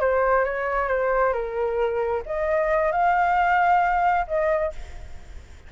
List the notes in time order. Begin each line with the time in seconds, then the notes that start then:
0.00 C5
0.44 C#5
0.88 C5
1.33 A#4
2.26 D#5
2.92 F5
4.27 D#5